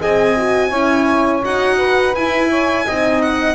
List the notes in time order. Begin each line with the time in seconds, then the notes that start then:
0.00 C4 G#4 D#5 G#5
0.37 F#4
0.69 C#4 E4 C#5
1.44 D#4 F#4 F#5
1.77 B4
2.15 E4 G#5
2.49 C#5
2.85 C4 D#4 D#5
3.22 F#5